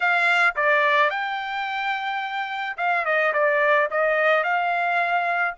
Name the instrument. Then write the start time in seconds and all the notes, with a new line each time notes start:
trumpet
0.00 F5
0.56 D5
1.10 G5
2.77 F5
3.05 D#5
3.33 D5
3.90 D#5
4.43 F5